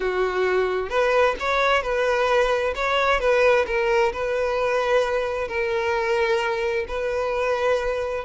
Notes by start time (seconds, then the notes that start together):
0.00 F#4
0.89 B4
1.39 C#5
1.82 B4
2.75 C#5
3.19 B4
3.66 A#4
4.12 B4
5.48 A#4
6.88 B4